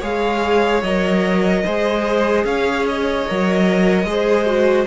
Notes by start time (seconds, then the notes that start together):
0.00 G#3 G#4 C#5 F5
0.82 F#3 A#4 D#5
1.64 G#3 G#4 C5
2.44 C#4 C#5 F5
2.88 D#5
3.27 F#3 A#4
4.04 G#3 G#4 C5
4.45 F#4